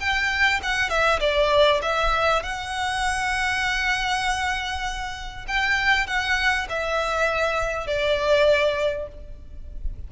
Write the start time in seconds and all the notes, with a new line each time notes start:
0.00 G5
0.63 F#5
0.90 E5
1.20 D5
1.82 E5
2.43 F#5
5.48 G5
6.07 F#5
6.69 E5
7.87 D5